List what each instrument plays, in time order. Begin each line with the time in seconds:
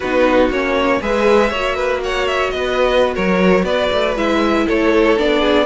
0.00 cello B3, viola D#4, violin F#4 B4
0.50 cello A#3, viola C#4, violin C#5
1.01 cello G#3, viola G#4, violin B4 E5
1.50 cello A#3, viola F#4, violin C#5
1.75 violin B4
2.03 violin C#5 F#5
2.27 violin E5
2.50 cello B3, violin B4 D#5
3.14 cello F#3, violin A#4 C#5
3.63 cello B3, violin B4 D5
3.92 cello A3
4.15 cello G#3, viola E4, violin E5
4.65 cello A3, violin A4 C#5
5.17 cello B3, viola D4, violin D5
5.40 violin G#4